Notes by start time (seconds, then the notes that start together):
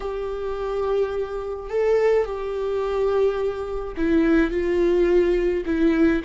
0.00 G4
1.69 A4
2.25 G4
3.96 E4
4.51 F4
5.65 E4